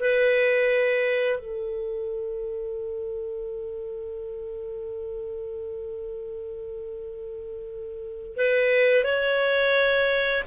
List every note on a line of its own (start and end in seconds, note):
0.00 1.40 B4
1.40 8.37 A4
8.37 9.04 B4
9.04 10.44 C#5